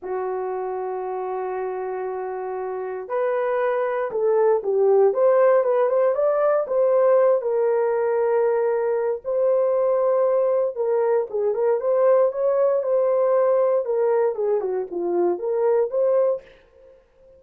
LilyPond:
\new Staff \with { instrumentName = "horn" } { \time 4/4 \tempo 4 = 117 fis'1~ | fis'2 b'2 | a'4 g'4 c''4 b'8 c''8 | d''4 c''4. ais'4.~ |
ais'2 c''2~ | c''4 ais'4 gis'8 ais'8 c''4 | cis''4 c''2 ais'4 | gis'8 fis'8 f'4 ais'4 c''4 | }